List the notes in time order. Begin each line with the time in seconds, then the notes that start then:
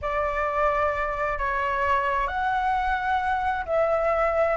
0.01 D5
1.38 C#5
2.27 F#5
3.65 E5